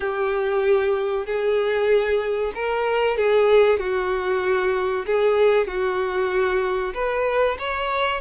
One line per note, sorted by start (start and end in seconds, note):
0.00 1.25 G4
1.25 2.52 G#4
2.54 3.17 A#4
3.17 3.79 G#4
3.79 5.05 F#4
5.06 5.67 G#4
5.67 6.93 F#4
6.94 7.57 B4
7.58 8.20 C#5